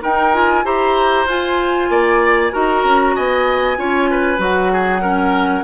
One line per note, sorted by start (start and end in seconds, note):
0.00 0.31 D#4
0.00 0.64 D#4
0.00 0.64 A#4
0.00 0.34 G5
0.32 0.63 F4
0.32 0.65 G#5
0.63 1.25 E4
0.63 1.26 G4
0.63 1.90 C5
0.63 1.27 A#5
1.25 1.88 F4
1.25 2.51 F4
1.25 2.53 G#5
1.89 2.51 A#3
1.89 2.52 D5
2.51 2.84 D#4
2.51 3.76 F#4
2.51 3.14 A#4
2.51 3.15 A#5
2.84 3.15 C#4
3.15 3.77 B3
3.15 3.77 D#5
3.15 4.40 G#5
3.77 4.38 C#4
3.77 4.37 F4
3.77 4.10 C#5
4.10 4.72 B4
4.37 5.63 F#3
4.37 4.99 F#4
4.37 5.63 F#5
4.72 5.01 G#4
5.01 5.63 C#4
5.01 5.63 A#4